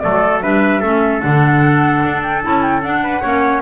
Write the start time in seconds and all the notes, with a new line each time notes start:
0.00 F#3 A3 A4 D5
0.41 G3 D4 B4 E5
0.81 A3 C#4 A4
1.21 D3 D4 F#5
2.05 D4
2.23 G5
2.43 C#4 E4 A5
2.63 G5
2.83 D4 F#5
3.04 B4
3.22 A#3 C#4 C#5